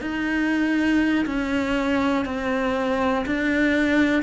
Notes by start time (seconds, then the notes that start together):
0.00 D#4
1.25 C#4
2.25 C4
3.25 D4